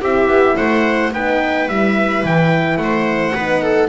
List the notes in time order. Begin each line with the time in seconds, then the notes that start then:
0.00 C4 E4 G4 E5
0.27 B3
0.56 A3 C5 F#5
1.12 B3 D#4 B4 G5
1.68 G3 E4 E5
2.24 E3 G5
2.77 A3 F#5
2.83 C5
3.34 B3 D#4 B4
3.62 A4